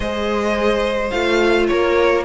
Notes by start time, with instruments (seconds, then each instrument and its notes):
0.00 cello G#3, viola G#4, violin C5 D#5
1.10 cello A3, viola F4, violin F5
1.67 cello A#3, violin A#4 C#5